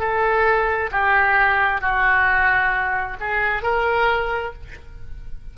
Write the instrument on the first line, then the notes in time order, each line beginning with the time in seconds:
oboe
0.00 A4
0.92 G4
1.81 F#4
3.21 G#4
3.63 A#4